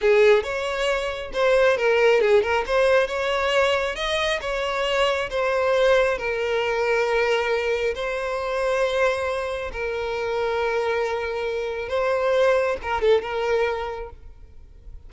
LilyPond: \new Staff \with { instrumentName = "violin" } { \time 4/4 \tempo 4 = 136 gis'4 cis''2 c''4 | ais'4 gis'8 ais'8 c''4 cis''4~ | cis''4 dis''4 cis''2 | c''2 ais'2~ |
ais'2 c''2~ | c''2 ais'2~ | ais'2. c''4~ | c''4 ais'8 a'8 ais'2 | }